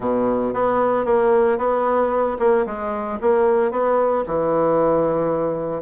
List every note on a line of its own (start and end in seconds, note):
0.00 0.53 B2
0.53 1.05 B3
1.05 1.58 A#3
1.58 2.37 B3
2.39 2.65 A#3
2.65 3.19 G#3
3.21 3.71 A#3
3.71 4.24 B3
4.26 5.82 E3